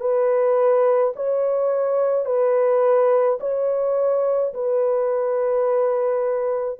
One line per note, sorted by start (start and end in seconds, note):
0.00 1.13 B4
1.16 2.25 C#5
2.25 3.38 B4
3.40 4.53 C#5
4.53 6.79 B4